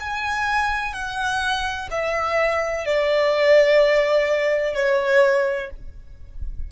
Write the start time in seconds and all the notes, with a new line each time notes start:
0.00 G#5
0.94 F#5
1.91 E5
2.86 D5
4.75 C#5